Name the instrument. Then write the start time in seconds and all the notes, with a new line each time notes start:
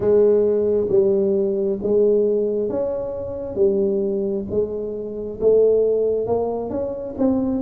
tuba
0.00 G#3
0.89 G3
1.82 G#3
2.69 C#4
3.55 G3
4.50 G#3
5.40 A3
6.26 A#3
6.70 C#4
7.18 C4